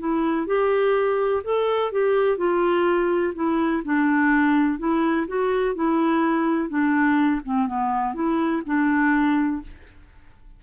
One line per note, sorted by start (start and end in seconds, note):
0.00 0.47 E4
0.47 1.43 G4
1.44 1.92 A4
1.92 2.38 G4
2.38 3.34 F4
3.35 3.83 E4
3.85 4.79 D4
4.79 5.27 E4
5.28 5.75 F#4
5.75 6.69 E4
6.69 7.41 D4
7.45 7.67 C4
7.67 8.15 B3
8.15 8.63 E4
8.66 9.62 D4